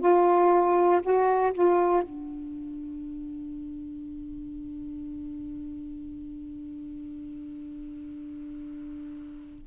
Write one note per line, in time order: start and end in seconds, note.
0.00 1.02 F4
1.03 1.53 F#4
1.53 2.03 F4
2.03 9.66 D4